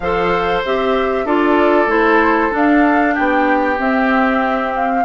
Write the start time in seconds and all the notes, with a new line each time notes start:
0.00 F3 A4 C5 F5
0.64 C4 G4 E5
1.24 D4 F4 A4 D5
1.86 A3 E4 C5
2.51 D4 F5
3.14 B3 G4 G5
3.78 C4 E5
4.75 F5